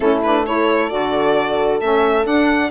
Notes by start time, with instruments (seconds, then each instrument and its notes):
0.00 bassoon A3, saxophone C#4, horn E4, violin A4
0.23 saxophone D4, violin B4
0.45 saxophone E4, horn A4, violin C#5
0.89 bassoon D3, saxophone F#4, violin D5
1.80 bassoon A3, saxophone C#4, violin E5
2.23 saxophone D4, bassoon D4, violin F#5